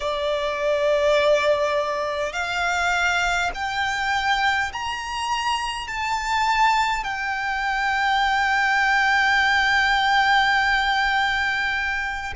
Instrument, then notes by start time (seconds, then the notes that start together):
violin
0.00 D5
2.33 F5
3.54 G5
4.72 A#5
5.87 A5
7.04 G5